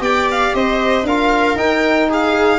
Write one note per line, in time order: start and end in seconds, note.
0.00 0.52 B3
0.00 1.04 G4
0.00 0.55 D5
0.00 0.28 G5
0.31 0.55 F5
0.54 1.03 C4
0.54 1.07 C5
0.54 1.06 D#5
1.03 1.55 D4
1.03 1.57 F4
1.03 2.09 A#4
1.03 1.58 F5
1.55 2.59 D#4
1.55 2.09 G5
2.09 2.59 G#4
2.09 2.59 F5